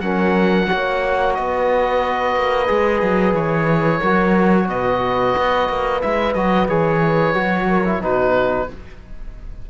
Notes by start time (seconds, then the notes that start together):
0.00 F#3 C#4 A#4 F#5
0.67 A#3 F#4 C#5
1.34 B3 B4 D#5
2.35 A#3
2.67 G#3 G#4
3.02 F#3
3.33 E3 C#5
4.00 F#3 F#4 A#4
4.67 B2 B4 D#5
5.37 B3
5.69 A#3
6.01 G#3 E4 E5
6.33 F#3 F#4 D#5
6.68 E3 G#4 C#5
7.34 F#3 F#4
7.68 A#4
7.85 E4
8.00 B2 D#4 F#4 B4